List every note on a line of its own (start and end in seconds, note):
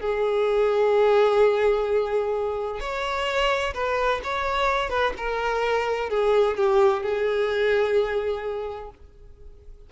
0.00 2.80 G#4
2.80 3.74 C#5
3.74 4.21 B4
4.24 4.90 C#5
4.90 5.13 B4
5.17 6.10 A#4
6.10 6.57 G#4
6.57 7.03 G4
7.03 8.90 G#4